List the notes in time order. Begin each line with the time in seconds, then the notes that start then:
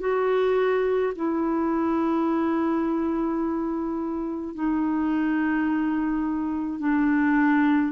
0.00 F#4
1.16 E4
4.55 D#4
6.80 D4